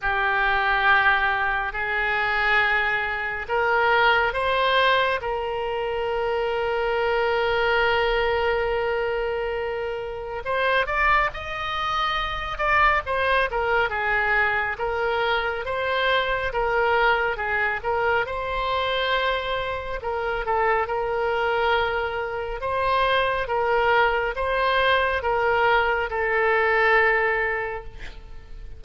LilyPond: \new Staff \with { instrumentName = "oboe" } { \time 4/4 \tempo 4 = 69 g'2 gis'2 | ais'4 c''4 ais'2~ | ais'1 | c''8 d''8 dis''4. d''8 c''8 ais'8 |
gis'4 ais'4 c''4 ais'4 | gis'8 ais'8 c''2 ais'8 a'8 | ais'2 c''4 ais'4 | c''4 ais'4 a'2 | }